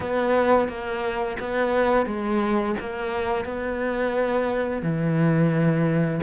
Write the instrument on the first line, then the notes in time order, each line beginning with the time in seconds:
cello
0.00 B3
0.68 A#3
1.39 B3
2.06 G#3
2.80 A#3
3.45 B3
4.82 E3